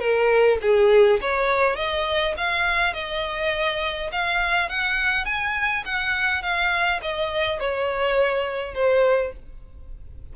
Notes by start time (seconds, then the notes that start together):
0.00 A#4
0.62 G#4
1.22 C#5
1.76 D#5
2.38 F5
2.94 D#5
4.13 F5
4.69 F#5
5.26 G#5
5.86 F#5
6.43 F5
7.02 D#5
7.60 C#5
8.75 C5